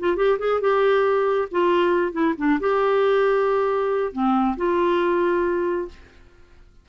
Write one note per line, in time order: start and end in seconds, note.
0.00 0.17 F4
0.17 0.39 G4
0.39 0.61 G#4
0.61 1.49 G4
1.52 2.13 F4
2.13 2.35 E4
2.38 2.60 D4
2.61 4.13 G4
4.13 4.56 C4
4.57 5.89 F4